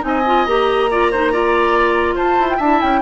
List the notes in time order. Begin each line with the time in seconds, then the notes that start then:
0.00 C4 D#4 G#5
0.08 D#5
0.27 F4
0.46 A#3 G4 A#5
0.91 F4 D5
1.12 D#4 C5
1.32 F4 D5
2.16 F4 C5 A5
2.39 E4
2.50 G5
2.57 D4 E4 E5 A5
2.81 C#4 G5